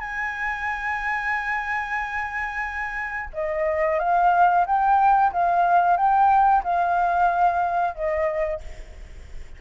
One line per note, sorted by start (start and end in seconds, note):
0.00 3.30 G#5
3.33 3.99 D#5
4.00 4.65 F5
4.66 5.32 G5
5.33 5.97 F5
5.97 6.63 G5
6.64 7.95 F5
7.95 8.61 D#5